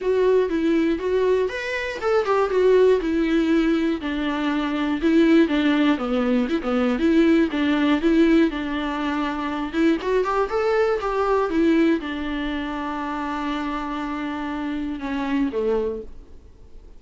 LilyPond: \new Staff \with { instrumentName = "viola" } { \time 4/4 \tempo 4 = 120 fis'4 e'4 fis'4 b'4 | a'8 g'8 fis'4 e'2 | d'2 e'4 d'4 | b4 e'16 b8. e'4 d'4 |
e'4 d'2~ d'8 e'8 | fis'8 g'8 a'4 g'4 e'4 | d'1~ | d'2 cis'4 a4 | }